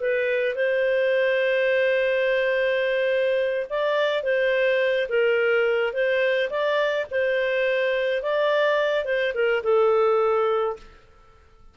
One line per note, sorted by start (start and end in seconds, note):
0.00 0.55 B4
0.55 3.66 C5
3.69 4.23 D5
4.23 5.08 C5
5.08 5.93 A#4
5.93 6.49 C5
6.50 7.06 D5
7.11 8.22 C5
8.22 9.04 D5
9.04 9.33 C5
9.34 9.62 A#4
9.63 10.76 A4